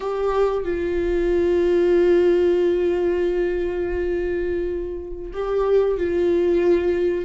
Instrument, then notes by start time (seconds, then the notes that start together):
viola
0.00 G4
0.64 F4
5.33 G4
5.97 F4